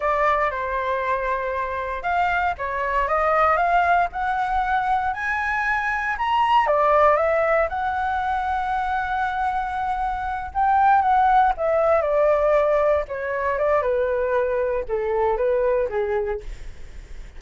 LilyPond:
\new Staff \with { instrumentName = "flute" } { \time 4/4 \tempo 4 = 117 d''4 c''2. | f''4 cis''4 dis''4 f''4 | fis''2 gis''2 | ais''4 d''4 e''4 fis''4~ |
fis''1~ | fis''8 g''4 fis''4 e''4 d''8~ | d''4. cis''4 d''8 b'4~ | b'4 a'4 b'4 gis'4 | }